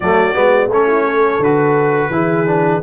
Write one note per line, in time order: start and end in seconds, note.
0.00 0.34 F#3
0.00 0.34 A3
0.00 0.69 F#4
0.00 0.70 D5
0.34 0.67 G#3
0.34 0.69 B3
0.67 1.38 A3
0.67 1.43 C#4
0.67 0.87 A4
0.67 1.43 C#5
0.87 1.04 E4
1.06 2.11 A4
1.39 2.09 D3
1.39 2.12 F#4
1.39 2.83 B4
2.10 2.80 E3
2.10 2.46 E4
2.10 2.83 G#4
2.46 2.82 D4